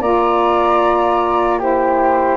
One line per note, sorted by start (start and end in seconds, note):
0.00 2.37 A#3
0.00 1.59 F4
0.00 1.58 D5
0.00 1.59 A#5
1.58 2.37 E4
1.58 2.37 G4
1.58 2.37 C5